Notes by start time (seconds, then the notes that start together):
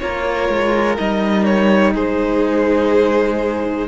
0.00 A#3 F4 A#4 C#5
0.49 G#3
0.97 G3 D#4 D#5
1.45 C#5
1.94 G#3 G#4 C5